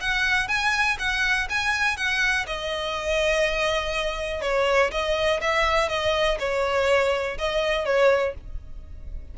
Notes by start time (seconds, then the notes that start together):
0.00 F#5
0.48 G#5
0.98 F#5
1.50 G#5
1.96 F#5
2.46 D#5
4.41 C#5
4.91 D#5
5.41 E5
5.89 D#5
6.39 C#5
7.38 D#5
7.85 C#5